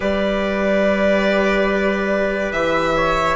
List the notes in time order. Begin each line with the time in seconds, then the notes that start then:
0.00 G3 G4 B4 D5
2.52 E3 E5
2.96 C#5